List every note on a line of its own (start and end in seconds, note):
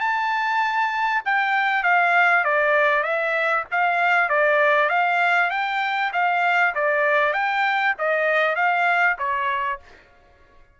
0.00 1.22 A5
1.25 1.83 G5
1.83 2.44 F5
2.44 3.03 D5
3.03 3.64 E5
3.71 4.29 F5
4.29 4.89 D5
4.89 5.50 F5
5.50 6.12 G5
6.13 6.74 F5
6.75 7.33 D5
7.33 7.94 G5
7.98 8.56 D#5
8.56 9.17 F5
9.18 9.80 C#5